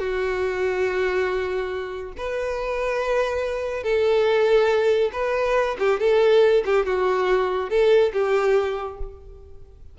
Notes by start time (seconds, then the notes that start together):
0.00 F#4
2.18 B4
3.84 A4
5.13 B4
5.79 G4
6.00 A4
6.66 G4
6.86 F#4
7.70 A4
8.14 G4